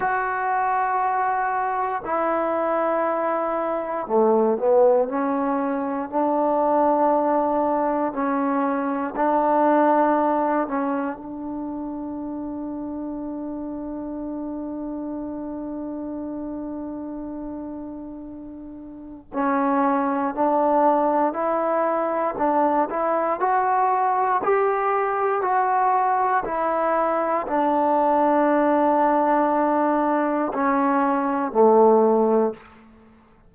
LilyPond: \new Staff \with { instrumentName = "trombone" } { \time 4/4 \tempo 4 = 59 fis'2 e'2 | a8 b8 cis'4 d'2 | cis'4 d'4. cis'8 d'4~ | d'1~ |
d'2. cis'4 | d'4 e'4 d'8 e'8 fis'4 | g'4 fis'4 e'4 d'4~ | d'2 cis'4 a4 | }